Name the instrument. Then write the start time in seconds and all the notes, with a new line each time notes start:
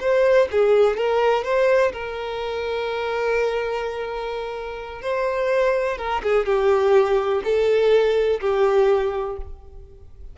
violin
0.00 C5
0.51 G#4
0.97 A#4
1.44 C5
1.92 A#4
5.02 C5
5.98 A#4
6.23 G#4
6.45 G4
7.44 A4
8.40 G4